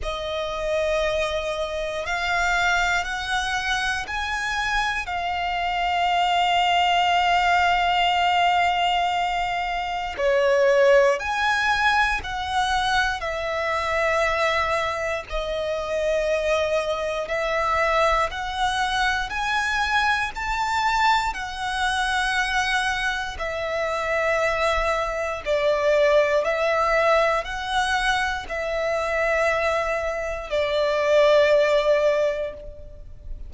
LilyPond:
\new Staff \with { instrumentName = "violin" } { \time 4/4 \tempo 4 = 59 dis''2 f''4 fis''4 | gis''4 f''2.~ | f''2 cis''4 gis''4 | fis''4 e''2 dis''4~ |
dis''4 e''4 fis''4 gis''4 | a''4 fis''2 e''4~ | e''4 d''4 e''4 fis''4 | e''2 d''2 | }